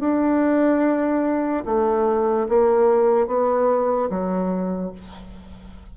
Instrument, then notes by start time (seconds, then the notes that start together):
bassoon
0.00 D4
1.65 A3
2.49 A#3
3.27 B3
4.10 F#3